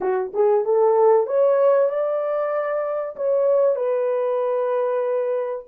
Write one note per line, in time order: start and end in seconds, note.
0.00 0.32 F#4
0.33 0.64 G#4
0.64 1.26 A4
1.26 1.89 C#5
1.89 3.15 D5
3.16 3.75 C#5
3.75 5.65 B4